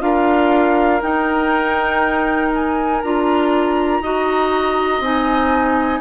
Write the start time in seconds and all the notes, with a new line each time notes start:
0.00 D4 F4 A#4 F5
1.02 D#4 G5
2.55 G#5
3.02 D4 F4 A#5
4.01 D#4 F#4 D#5
5.00 C4 D#4 G#5